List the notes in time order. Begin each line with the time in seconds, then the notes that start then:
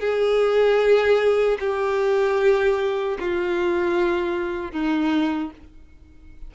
0.00 G#4
1.60 G4
3.19 F4
4.72 D#4